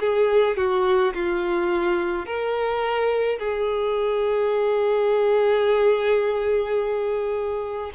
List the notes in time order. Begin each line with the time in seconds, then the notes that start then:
0.00 G#4
0.57 F#4
1.14 F4
2.26 A#4
3.39 G#4